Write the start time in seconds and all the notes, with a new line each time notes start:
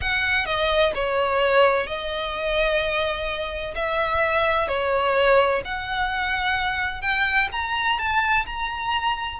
0.01 F#5
0.45 D#5
0.94 C#5
1.86 D#5
3.75 E5
4.68 C#5
5.64 F#5
7.01 G5
7.51 A#5
7.98 A5
8.45 A#5